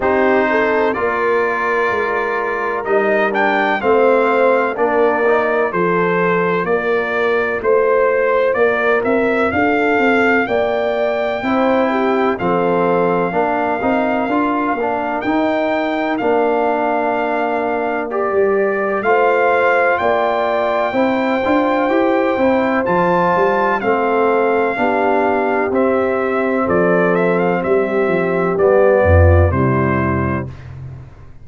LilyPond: <<
  \new Staff \with { instrumentName = "trumpet" } { \time 4/4 \tempo 4 = 63 c''4 d''2 dis''8 g''8 | f''4 d''4 c''4 d''4 | c''4 d''8 e''8 f''4 g''4~ | g''4 f''2. |
g''4 f''2 d''4 | f''4 g''2. | a''4 f''2 e''4 | d''8 e''16 f''16 e''4 d''4 c''4 | }
  \new Staff \with { instrumentName = "horn" } { \time 4/4 g'8 a'8 ais'2. | c''4 ais'4 a'4 ais'4 | c''4 ais'4 a'4 d''4 | c''8 g'8 a'4 ais'2~ |
ais'1 | c''4 d''4 c''2~ | c''4 a'4 g'2 | a'4 g'4. f'8 e'4 | }
  \new Staff \with { instrumentName = "trombone" } { \time 4/4 dis'4 f'2 dis'8 d'8 | c'4 d'8 dis'8 f'2~ | f'1 | e'4 c'4 d'8 dis'8 f'8 d'8 |
dis'4 d'2 g'4 | f'2 e'8 f'8 g'8 e'8 | f'4 c'4 d'4 c'4~ | c'2 b4 g4 | }
  \new Staff \with { instrumentName = "tuba" } { \time 4/4 c'4 ais4 gis4 g4 | a4 ais4 f4 ais4 | a4 ais8 c'8 d'8 c'8 ais4 | c'4 f4 ais8 c'8 d'8 ais8 |
dis'4 ais2~ ais16 g8. | a4 ais4 c'8 d'8 e'8 c'8 | f8 g8 a4 b4 c'4 | f4 g8 f8 g8 f,8 c4 | }
>>